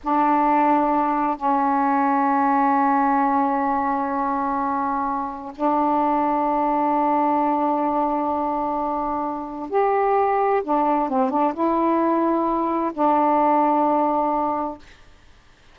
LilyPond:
\new Staff \with { instrumentName = "saxophone" } { \time 4/4 \tempo 4 = 130 d'2. cis'4~ | cis'1~ | cis'1 | d'1~ |
d'1~ | d'4 g'2 d'4 | c'8 d'8 e'2. | d'1 | }